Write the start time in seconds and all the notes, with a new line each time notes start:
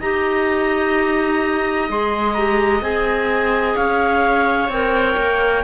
0.00 D#4 G4 D#5 A#5
1.88 G#3 G#4 C6
2.34 G4 A#5
2.81 C4 G#4 G#5
3.75 C#4 C#5 F5
4.68 C4 A#4 G5
5.17 A#3